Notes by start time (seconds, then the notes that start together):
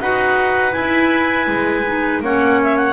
0.00 D#4 F#4 B4 F#5
0.72 E4 G#5
1.47 G#3
1.87 D#4
2.21 A#3 C#4 C#5 F#5
2.63 E5
2.77 F#5